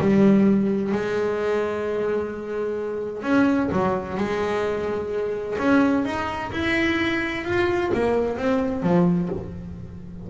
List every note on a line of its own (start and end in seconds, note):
0.00 0.92 G3
0.92 3.23 G#3
3.23 3.69 C#4
3.72 4.17 F#3
4.17 5.57 G#3
5.59 6.05 C#4
6.05 6.51 D#4
6.52 7.44 E4
7.44 7.91 F4
7.94 8.37 A#3
8.37 8.82 C4
8.82 9.29 F3